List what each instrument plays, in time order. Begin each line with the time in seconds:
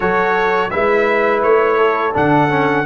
0.00 tuba F#3, trombone F#4, horn A4, trumpet C#5
0.70 tuba G#3, trombone E4, horn B4, trumpet E5
1.42 tuba A3, trumpet C#5
1.77 horn A4
2.13 tuba D3, trombone D4, trumpet F#5
2.49 trombone C#4